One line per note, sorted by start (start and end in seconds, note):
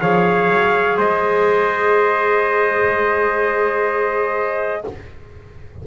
0.00 0.49 F3
0.00 4.84 G#4
0.00 0.97 C#5
0.00 0.98 F5
0.49 0.97 F#3
0.97 4.84 G#3
0.97 4.84 C5
0.97 4.86 D#5